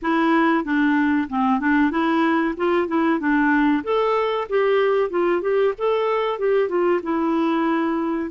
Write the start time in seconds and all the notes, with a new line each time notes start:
0.02 E4
0.64 D4
1.29 C4
1.60 D4
1.91 E4
2.56 F4
2.87 E4
3.19 D4
3.83 A4
4.49 G4
5.10 F4
5.41 G4
5.78 A4
6.38 G4
6.68 F4
7.02 E4